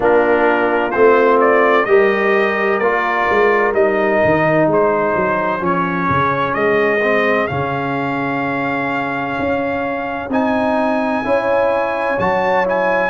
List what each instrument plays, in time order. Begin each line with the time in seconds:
0.00 tuba A#3, trombone D4, horn F4, trumpet A#4
0.91 tuba A3, trombone C4, trumpet C5
1.40 trumpet D5
1.85 tuba G3, trombone G4, horn A#4, trumpet D#5
2.78 tuba A#3, trombone F4, trumpet D5
3.29 tuba G#3
3.73 tuba G3, trombone D#4, trumpet D#5
4.24 tuba D#3
4.67 tuba G#3, horn G#4, trumpet C5
5.16 tuba F#3
5.59 tuba F3, trombone C#4, trumpet C#5
6.09 tuba C#3
6.54 tuba G#3, trumpet D#5
7.02 trombone C4
7.47 tuba C#3, trombone C#4, trumpet F5
9.39 tuba C#4
10.29 tuba C4, trombone D#4, trumpet G#5
11.24 tuba C#4, trombone E4, horn C#5
12.18 tuba F#3, trombone F#4, trumpet A5
12.65 trombone E4, trumpet G#5